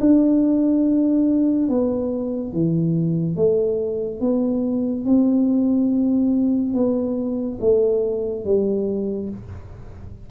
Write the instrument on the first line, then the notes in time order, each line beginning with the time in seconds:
tuba
0.00 D4
1.69 B3
2.53 E3
3.36 A3
4.21 B3
5.05 C4
6.74 B3
7.61 A3
8.45 G3